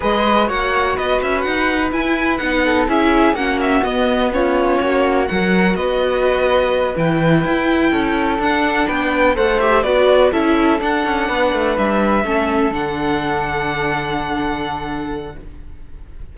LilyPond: <<
  \new Staff \with { instrumentName = "violin" } { \time 4/4 \tempo 4 = 125 dis''4 fis''4 dis''8 e''8 fis''4 | gis''4 fis''4 e''4 fis''8 e''8 | dis''4 cis''2 fis''4 | dis''2~ dis''8 g''4.~ |
g''4. fis''4 g''4 fis''8 | e''8 d''4 e''4 fis''4.~ | fis''8 e''2 fis''4.~ | fis''1 | }
  \new Staff \with { instrumentName = "flute" } { \time 4/4 b'4 cis''4 b'2~ | b'4. a'8 gis'4 fis'4~ | fis'4 f'4 fis'4 ais'4 | b'1~ |
b'8 a'2 b'4 c''8~ | c''8 b'4 a'2 b'8~ | b'4. a'2~ a'8~ | a'1 | }
  \new Staff \with { instrumentName = "viola" } { \time 4/4 gis'4 fis'2. | e'4 dis'4 e'4 cis'4 | b4 cis'2 fis'4~ | fis'2~ fis'8 e'4.~ |
e'4. d'2 a'8 | g'8 fis'4 e'4 d'4.~ | d'4. cis'4 d'4.~ | d'1 | }
  \new Staff \with { instrumentName = "cello" } { \time 4/4 gis4 ais4 b8 cis'8 dis'4 | e'4 b4 cis'4 ais4 | b2 ais4 fis4 | b2~ b8 e4 e'8~ |
e'8 cis'4 d'4 b4 a8~ | a8 b4 cis'4 d'8 cis'8 b8 | a8 g4 a4 d4.~ | d1 | }
>>